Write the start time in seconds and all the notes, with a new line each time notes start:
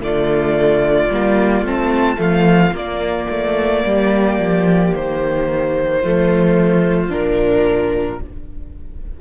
0.00 D3 A3 F4 D5
1.09 G3 A#3
1.62 A3 C4 A5
2.17 F3 A3 F5
2.71 A#3 D5
2.78 A#3
3.30 A3
3.85 G3 G4
4.39 F3
4.95 D#3 C5
6.00 F3 A3 F4
7.09 A#2 D4 A#4